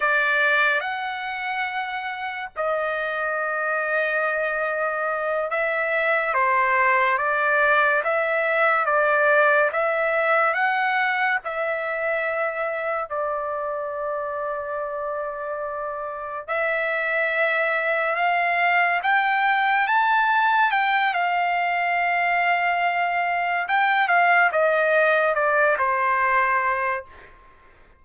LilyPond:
\new Staff \with { instrumentName = "trumpet" } { \time 4/4 \tempo 4 = 71 d''4 fis''2 dis''4~ | dis''2~ dis''8 e''4 c''8~ | c''8 d''4 e''4 d''4 e''8~ | e''8 fis''4 e''2 d''8~ |
d''2.~ d''8 e''8~ | e''4. f''4 g''4 a''8~ | a''8 g''8 f''2. | g''8 f''8 dis''4 d''8 c''4. | }